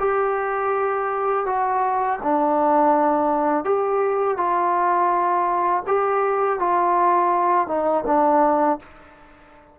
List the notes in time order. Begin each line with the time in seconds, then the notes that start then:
0.00 G4
1.47 F#4
2.24 D4
3.65 G4
4.38 F4
5.88 G4
6.60 F4
7.68 D#4
8.07 D4